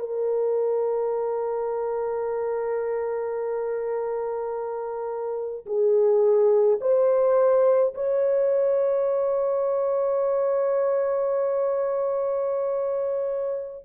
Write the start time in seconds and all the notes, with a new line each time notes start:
0.00 A#4
5.67 G#4
6.81 C5
7.95 C#5